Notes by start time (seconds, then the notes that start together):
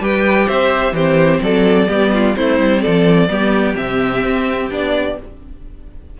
0.00 G3 G4 B4 G5
0.46 C4 C5 E5
0.92 E3 C4 G4 C5
1.41 F#3 A4 D5
1.86 G3 B3 G4
2.13 F4
2.34 A3 C4 E4 C5
2.60 G3
2.81 F3 A4 D5
3.28 G3 B3 G4
3.74 C3 C4 E5
4.23 C4
4.70 B3 D4 D5